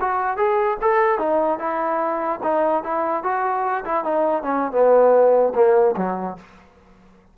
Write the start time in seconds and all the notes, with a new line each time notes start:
0.00 F#4
0.37 G#4
0.81 A4
1.19 D#4
1.59 E4
2.43 D#4
2.83 E4
3.23 F#4
3.85 E4
4.04 D#4
4.43 C#4
4.72 B3
5.55 A#3
5.96 F#3